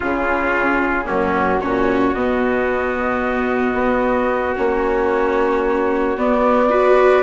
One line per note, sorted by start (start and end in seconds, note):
0.00 1.08 C#3
0.00 1.05 C#4
0.00 1.06 F4
0.00 1.07 G#4
1.05 1.62 F#2
1.05 1.58 A#3
1.05 1.60 C#4
1.05 1.60 F#4
1.60 2.13 A#2
1.60 2.15 C#4
1.60 6.70 F#4
1.60 2.14 C#5
2.13 3.73 B2
2.13 4.56 B3
2.13 4.55 D#5
3.73 4.54 B3
4.56 6.17 A#3
4.56 6.16 C#4
4.56 6.18 C#5
6.17 7.23 B3
6.17 6.69 B3
6.17 7.23 D5
6.69 7.23 F#4
6.69 7.23 B4